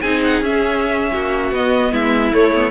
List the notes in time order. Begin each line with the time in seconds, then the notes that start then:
0.00 C4 D#4 G#4 G#5
0.23 F#5
0.41 C#4 E5
1.12 A#3 F#4
1.51 B3 D#5
1.92 G#3 E4 E5
2.33 A3 C#5
2.54 B3